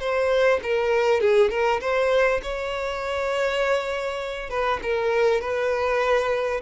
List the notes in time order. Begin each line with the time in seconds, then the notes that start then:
0.00 C5
0.63 A#4
1.21 G#4
1.50 A#4
1.81 C5
2.43 C#5
4.50 B4
4.83 A#4
5.41 B4